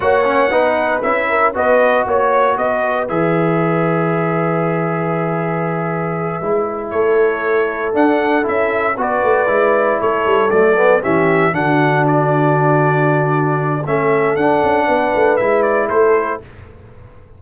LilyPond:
<<
  \new Staff \with { instrumentName = "trumpet" } { \time 4/4 \tempo 4 = 117 fis''2 e''4 dis''4 | cis''4 dis''4 e''2~ | e''1~ | e''4. cis''2 fis''8~ |
fis''8 e''4 d''2 cis''8~ | cis''8 d''4 e''4 fis''4 d''8~ | d''2. e''4 | fis''2 e''8 d''8 c''4 | }
  \new Staff \with { instrumentName = "horn" } { \time 4/4 cis''4 b'4. ais'8 b'4 | cis''4 b'2.~ | b'1~ | b'4. a'2~ a'8~ |
a'4. b'2 a'8~ | a'4. g'4 fis'4.~ | fis'2. a'4~ | a'4 b'2 a'4 | }
  \new Staff \with { instrumentName = "trombone" } { \time 4/4 fis'8 cis'8 dis'4 e'4 fis'4~ | fis'2 gis'2~ | gis'1~ | gis'8 e'2. d'8~ |
d'8 e'4 fis'4 e'4.~ | e'8 a8 b8 cis'4 d'4.~ | d'2. cis'4 | d'2 e'2 | }
  \new Staff \with { instrumentName = "tuba" } { \time 4/4 ais4 b4 cis'4 b4 | ais4 b4 e2~ | e1~ | e8 gis4 a2 d'8~ |
d'8 cis'4 b8 a8 gis4 a8 | g8 fis4 e4 d4.~ | d2. a4 | d'8 cis'8 b8 a8 gis4 a4 | }
>>